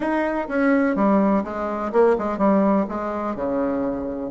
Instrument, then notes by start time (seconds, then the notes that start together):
bassoon
0.00 D#4
0.48 C#4
0.95 G3
1.44 G#3
1.92 A#3
2.18 G#3
2.38 G3
2.88 G#3
3.35 C#3